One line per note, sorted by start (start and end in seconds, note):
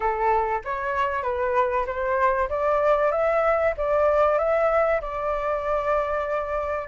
0.00 0.61 A4
0.64 1.22 C#5
1.22 1.85 B4
1.86 2.48 C5
2.49 3.11 D5
3.11 3.74 E5
3.77 4.38 D5
4.38 5.00 E5
5.01 6.88 D5